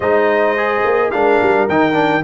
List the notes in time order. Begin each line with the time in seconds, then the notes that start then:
0.00 G#3 D#4 C5 D#5
0.57 G#4
0.84 A#3
1.11 G#3 D4 A#4 F5
1.41 G3
1.68 D#3 D#4 G5
1.93 D4